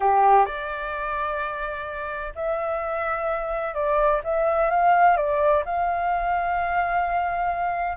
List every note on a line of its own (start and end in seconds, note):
0.00 0.45 G4
0.45 2.33 D5
2.35 3.74 E5
3.74 4.21 D5
4.24 4.70 E5
4.70 5.16 F5
5.16 5.63 D5
5.65 7.97 F5